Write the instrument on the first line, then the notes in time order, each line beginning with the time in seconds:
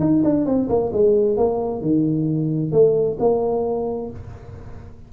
tuba
0.00 D#4
0.24 D4
0.46 C4
0.69 A#3
0.93 G#3
1.37 A#3
1.82 D#3
2.72 A3
3.20 A#3